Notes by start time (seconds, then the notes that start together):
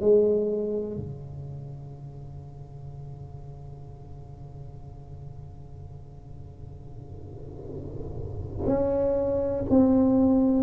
0.00 G#3
0.97 C#3
8.66 C#4
9.70 C4